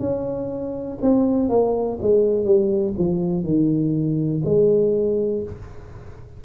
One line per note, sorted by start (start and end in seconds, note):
0.00 0.98 C#4
1.02 1.50 C4
1.50 1.99 A#3
2.02 2.45 G#3
2.45 2.94 G3
2.99 3.44 F3
3.44 4.42 D#3
4.45 5.44 G#3